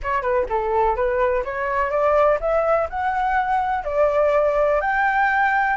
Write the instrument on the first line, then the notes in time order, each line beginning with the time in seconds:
flute
0.02 C#5
0.22 B4
0.49 A4
0.95 B4
1.44 C#5
1.90 D5
2.40 E5
2.89 F#5
3.84 D5
4.80 G5